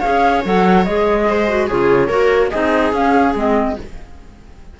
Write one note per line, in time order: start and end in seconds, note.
0.00 0.44 G#4
0.00 1.25 C#5
0.00 0.42 F5
0.07 0.45 C#4
0.45 0.87 F#3
0.45 0.86 A4
0.45 0.85 F#5
0.85 1.70 G#3
0.85 1.48 G#4
0.85 1.68 D#5
1.29 1.67 C5
1.48 1.69 F#4
1.67 2.09 C#3
1.67 2.09 F4
1.67 2.07 G#4
1.67 2.51 C#5
2.07 2.51 A#3
2.07 2.51 F#4
2.07 2.49 A#4
2.50 2.92 C4
2.50 2.94 D#4
2.50 3.75 G#4
2.50 2.92 D#5
2.92 3.34 C#4
2.92 3.35 C#4
2.92 3.36 F5
3.35 3.76 G#3
3.35 3.77 C4
3.35 3.80 D#5